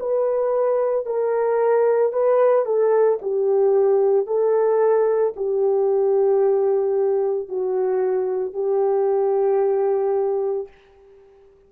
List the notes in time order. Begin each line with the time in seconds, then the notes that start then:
0.00 B4
1.06 A#4
2.13 B4
2.65 A4
3.22 G4
4.27 A4
5.36 G4
7.49 F#4
8.53 G4